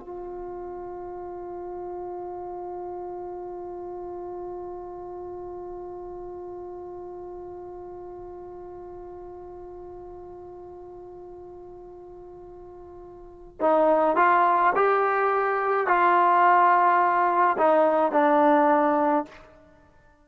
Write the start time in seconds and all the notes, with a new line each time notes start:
0.00 F4
13.61 D#4
14.17 F4
14.76 G4
15.87 F4
17.58 D#4
18.12 D4